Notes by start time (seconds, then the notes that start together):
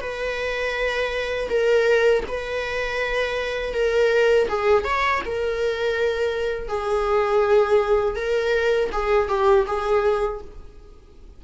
0.00 B4
1.49 A#4
2.27 B4
3.73 A#4
4.48 G#4
4.84 C#5
5.25 A#4
6.68 G#4
8.15 A#4
8.92 G#4
9.28 G4
9.66 G#4